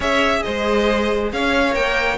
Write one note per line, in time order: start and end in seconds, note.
0.00 0.41 C#4
0.00 1.71 G#4
0.00 0.41 C#5
0.00 0.43 E5
0.43 1.32 G#3
0.43 1.32 C5
0.43 1.30 D#5
1.32 1.75 C#4
1.32 2.18 C#5
1.32 1.74 F5
1.71 2.18 A#3
1.71 2.15 A#4
1.71 2.18 G5